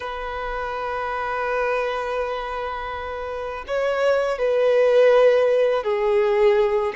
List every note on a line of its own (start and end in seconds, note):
0.00 3.64 B4
3.67 4.38 C#5
4.38 5.83 B4
5.83 6.93 G#4